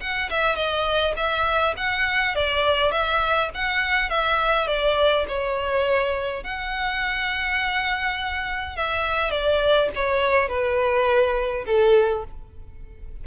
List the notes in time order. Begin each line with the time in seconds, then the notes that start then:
0.00 F#5
0.29 E5
0.55 D#5
1.16 E5
1.77 F#5
2.35 D5
2.91 E5
3.54 F#5
4.09 E5
4.67 D5
5.28 C#5
6.43 F#5
8.76 E5
9.30 D5
9.95 C#5
10.48 B4
11.66 A4